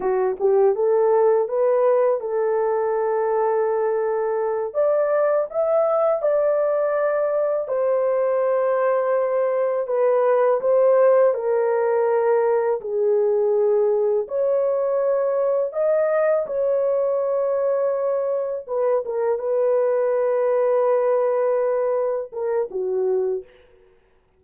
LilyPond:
\new Staff \with { instrumentName = "horn" } { \time 4/4 \tempo 4 = 82 fis'8 g'8 a'4 b'4 a'4~ | a'2~ a'8 d''4 e''8~ | e''8 d''2 c''4.~ | c''4. b'4 c''4 ais'8~ |
ais'4. gis'2 cis''8~ | cis''4. dis''4 cis''4.~ | cis''4. b'8 ais'8 b'4.~ | b'2~ b'8 ais'8 fis'4 | }